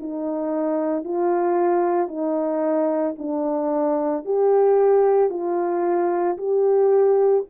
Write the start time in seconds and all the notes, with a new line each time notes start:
0.00 D#4
1.04 F4
2.08 D#4
3.19 D4
4.25 G4
5.30 F4
6.37 G4